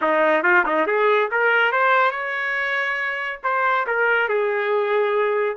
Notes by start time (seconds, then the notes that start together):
0.01 D#4
0.43 F4
0.65 D#4
0.86 G#4
1.31 A#4
1.72 C5
2.11 C#5
3.43 C5
3.86 A#4
4.28 G#4